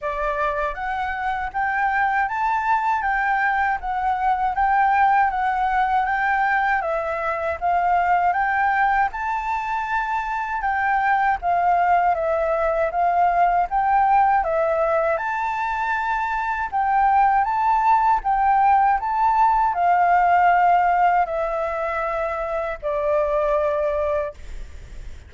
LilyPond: \new Staff \with { instrumentName = "flute" } { \time 4/4 \tempo 4 = 79 d''4 fis''4 g''4 a''4 | g''4 fis''4 g''4 fis''4 | g''4 e''4 f''4 g''4 | a''2 g''4 f''4 |
e''4 f''4 g''4 e''4 | a''2 g''4 a''4 | g''4 a''4 f''2 | e''2 d''2 | }